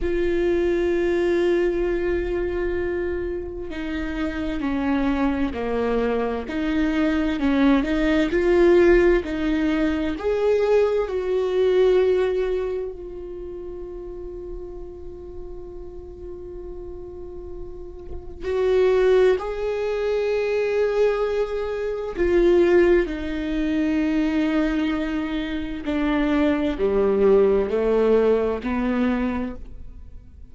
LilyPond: \new Staff \with { instrumentName = "viola" } { \time 4/4 \tempo 4 = 65 f'1 | dis'4 cis'4 ais4 dis'4 | cis'8 dis'8 f'4 dis'4 gis'4 | fis'2 f'2~ |
f'1 | fis'4 gis'2. | f'4 dis'2. | d'4 g4 a4 b4 | }